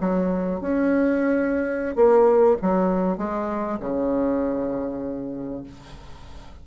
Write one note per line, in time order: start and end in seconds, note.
0.00 0.60 F#3
0.60 1.95 C#4
1.95 2.56 A#3
2.61 3.17 F#3
3.17 3.78 G#3
3.80 5.64 C#3